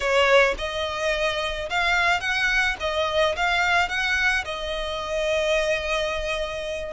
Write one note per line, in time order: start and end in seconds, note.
0.00 0.54 C#5
0.58 1.69 D#5
1.69 2.20 F5
2.20 2.76 F#5
2.80 3.35 D#5
3.36 3.89 F5
3.89 4.44 F#5
4.44 6.93 D#5